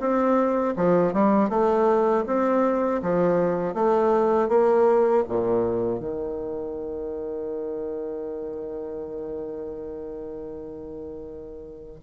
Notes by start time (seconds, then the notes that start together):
0.00 C4
0.76 F3
1.14 G3
1.50 A3
2.27 C4
3.02 F3
3.75 A3
4.49 A#3
5.28 A#2
6.00 D#3